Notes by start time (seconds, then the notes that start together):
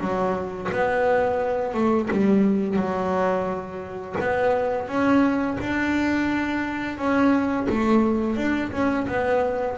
0.00 F#3
0.71 B3
1.74 A3
2.11 G3
2.76 F#3
4.20 B3
4.88 C#4
5.60 D4
6.98 C#4
7.69 A3
8.37 D4
8.72 C#4
9.08 B3